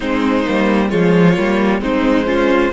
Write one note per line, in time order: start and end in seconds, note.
0.00 0.46 G#3
0.00 0.44 C4
0.00 0.89 D#4
0.00 0.90 C5
0.45 0.92 G3
0.45 0.89 A#3
0.89 1.37 F3
0.89 1.34 G#3
0.89 1.80 F4
0.89 1.81 C#5
1.37 1.80 G3
1.37 1.80 A#3
1.80 2.71 G#3
1.80 2.25 C4
1.80 2.26 D#4
1.80 2.72 C5
2.25 2.71 C#4
2.25 2.71 F4